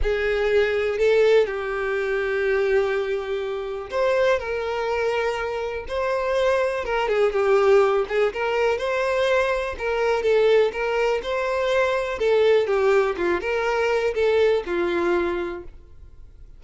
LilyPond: \new Staff \with { instrumentName = "violin" } { \time 4/4 \tempo 4 = 123 gis'2 a'4 g'4~ | g'1 | c''4 ais'2. | c''2 ais'8 gis'8 g'4~ |
g'8 gis'8 ais'4 c''2 | ais'4 a'4 ais'4 c''4~ | c''4 a'4 g'4 f'8 ais'8~ | ais'4 a'4 f'2 | }